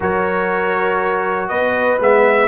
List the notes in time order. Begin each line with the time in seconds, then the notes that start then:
0.00 F#3 F#4 A#4 C#5
1.48 B3 B4 D#5
1.99 G#3 B3 E5